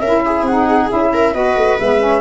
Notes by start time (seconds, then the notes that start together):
0.00 C#4 E4 A#4 E5
0.26 G#4
0.43 C4 F#5
0.51 D#4
0.90 C#4 E4 E5
1.14 A#4
1.34 B3 F#4 B4 D#5
1.57 A3
1.79 G#3 B3 E5
2.01 C#4